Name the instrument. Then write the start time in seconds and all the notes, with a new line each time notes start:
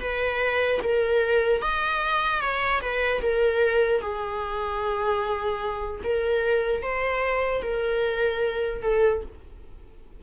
viola
0.00 B4
0.83 A#4
1.61 D#5
2.41 C#5
2.81 B4
3.21 A#4
4.01 G#4
6.03 A#4
6.82 C5
7.62 A#4
8.82 A4